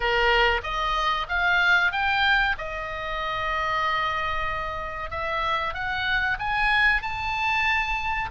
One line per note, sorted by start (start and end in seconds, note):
0.00 0.61 A#4
0.63 1.26 D#5
1.29 1.91 F5
1.91 2.55 G5
2.58 5.10 D#5
5.10 5.74 E5
5.74 6.37 F#5
6.39 7.02 G#5
7.02 8.29 A5